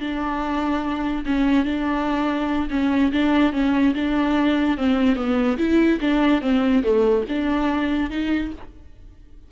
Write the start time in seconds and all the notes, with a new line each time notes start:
0.00 D4
1.25 C#4
1.65 D4
2.70 C#4
3.12 D4
3.52 C#4
3.94 D4
4.77 C4
5.16 B3
5.57 E4
6.00 D4
6.41 C4
6.83 A3
7.28 D4
8.10 D#4